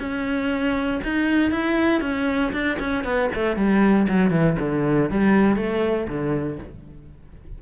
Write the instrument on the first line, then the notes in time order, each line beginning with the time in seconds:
cello
0.00 C#4
1.04 D#4
1.51 E4
2.02 C#4
2.53 D4
2.80 C#4
3.05 B3
3.35 A3
3.57 G3
4.09 F#3
4.31 E3
4.60 D3
5.11 G3
5.57 A3
6.08 D3